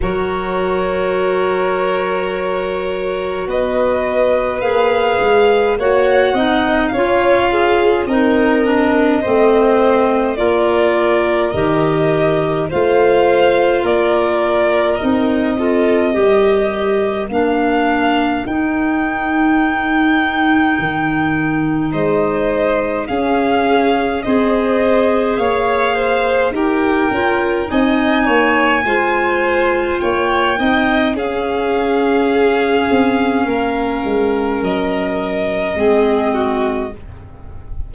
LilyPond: <<
  \new Staff \with { instrumentName = "violin" } { \time 4/4 \tempo 4 = 52 cis''2. dis''4 | f''4 fis''4 f''4 dis''4~ | dis''4 d''4 dis''4 f''4 | d''4 dis''2 f''4 |
g''2. dis''4 | f''4 dis''4 f''4 g''4 | gis''2 g''4 f''4~ | f''2 dis''2 | }
  \new Staff \with { instrumentName = "violin" } { \time 4/4 ais'2. b'4~ | b'4 cis''8 dis''8 cis''8 gis'8 ais'4 | c''4 ais'2 c''4 | ais'4. a'8 ais'2~ |
ais'2. c''4 | gis'4 c''4 cis''8 c''8 ais'4 | dis''8 cis''8 c''4 cis''8 dis''8 gis'4~ | gis'4 ais'2 gis'8 fis'8 | }
  \new Staff \with { instrumentName = "clarinet" } { \time 4/4 fis'1 | gis'4 fis'8 dis'8 f'4 dis'8 d'8 | c'4 f'4 g'4 f'4~ | f'4 dis'8 f'8 g'4 d'4 |
dis'1 | cis'4 gis'2 g'8 f'8 | dis'4 f'4. dis'8 cis'4~ | cis'2. c'4 | }
  \new Staff \with { instrumentName = "tuba" } { \time 4/4 fis2. b4 | ais8 gis8 ais8 c'8 cis'4 c'4 | a4 ais4 dis4 a4 | ais4 c'4 g4 ais4 |
dis'2 dis4 gis4 | cis'4 c'4 ais4 dis'8 cis'8 | c'8 ais8 gis4 ais8 c'8 cis'4~ | cis'8 c'8 ais8 gis8 fis4 gis4 | }
>>